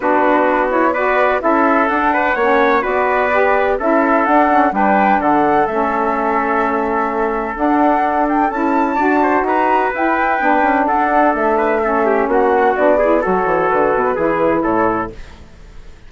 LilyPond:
<<
  \new Staff \with { instrumentName = "flute" } { \time 4/4 \tempo 4 = 127 b'4. cis''8 d''4 e''4 | fis''2 d''2 | e''4 fis''4 g''4 fis''4 | e''1 |
fis''4. g''8 a''2 | ais''4 g''2 fis''4 | e''2 fis''4 d''4 | cis''4 b'2 cis''4 | }
  \new Staff \with { instrumentName = "trumpet" } { \time 4/4 fis'2 b'4 a'4~ | a'8 b'8 cis''4 b'2 | a'2 b'4 a'4~ | a'1~ |
a'2. d''8 c''8 | b'2. a'4~ | a'8 b'8 a'8 g'8 fis'4. gis'8 | a'2 gis'4 a'4 | }
  \new Staff \with { instrumentName = "saxophone" } { \time 4/4 d'4. e'8 fis'4 e'4 | d'4 cis'4 fis'4 g'4 | e'4 d'8 cis'8 d'2 | cis'1 |
d'2 e'4 fis'4~ | fis'4 e'4 d'2~ | d'4 cis'2 d'8 e'8 | fis'2 e'2 | }
  \new Staff \with { instrumentName = "bassoon" } { \time 4/4 b2. cis'4 | d'4 ais4 b2 | cis'4 d'4 g4 d4 | a1 |
d'2 cis'4 d'4 | dis'4 e'4 b8 cis'8 d'4 | a2 ais4 b4 | fis8 e8 d8 b,8 e4 a,4 | }
>>